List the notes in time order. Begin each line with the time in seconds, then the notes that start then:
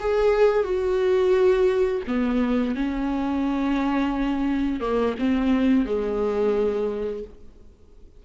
0.00 G#4
0.64 F#4
2.07 B3
2.75 C#4
4.80 A#3
5.19 C4
5.85 G#3